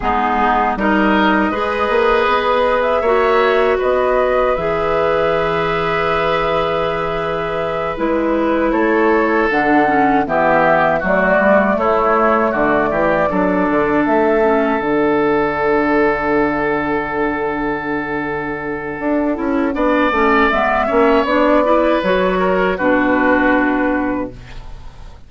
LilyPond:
<<
  \new Staff \with { instrumentName = "flute" } { \time 4/4 \tempo 4 = 79 gis'4 dis''2~ dis''8. e''16~ | e''4 dis''4 e''2~ | e''2~ e''8 b'4 cis''8~ | cis''8 fis''4 e''4 d''4 cis''8~ |
cis''8 d''2 e''4 fis''8~ | fis''1~ | fis''2. e''4 | d''4 cis''4 b'2 | }
  \new Staff \with { instrumentName = "oboe" } { \time 4/4 dis'4 ais'4 b'2 | cis''4 b'2.~ | b'2.~ b'8 a'8~ | a'4. g'4 fis'4 e'8~ |
e'8 fis'8 g'8 a'2~ a'8~ | a'1~ | a'2 d''4. cis''8~ | cis''8 b'4 ais'8 fis'2 | }
  \new Staff \with { instrumentName = "clarinet" } { \time 4/4 b4 dis'4 gis'2 | fis'2 gis'2~ | gis'2~ gis'8 e'4.~ | e'8 d'8 cis'8 b4 a4.~ |
a4. d'4. cis'8 d'8~ | d'1~ | d'4. e'8 d'8 cis'8 b8 cis'8 | d'8 e'8 fis'4 d'2 | }
  \new Staff \with { instrumentName = "bassoon" } { \time 4/4 gis4 g4 gis8 ais8 b4 | ais4 b4 e2~ | e2~ e8 gis4 a8~ | a8 d4 e4 fis8 g8 a8~ |
a8 d8 e8 fis8 d8 a4 d8~ | d1~ | d4 d'8 cis'8 b8 a8 gis8 ais8 | b4 fis4 b,2 | }
>>